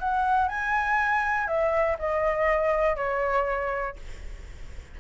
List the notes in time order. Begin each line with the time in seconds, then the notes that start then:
0.00 F#5
0.49 G#5
1.47 E5
1.99 D#5
2.96 C#5